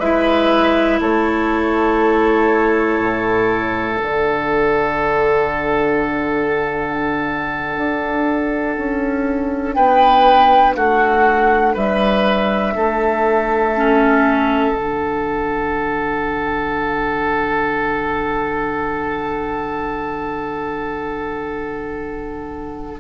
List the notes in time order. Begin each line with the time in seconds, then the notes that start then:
0.00 G#3 E4 B4 E5
1.01 A3 A4 C#5
3.00 A2
3.97 D3 D4 F#5
7.77 D4
8.77 C#4
9.75 B3 B4 G5
10.76 A3 F#4 F#5
11.74 G3 B4 E5
12.76 A3 A4
13.76 C#4
14.73 D3 D4 F#5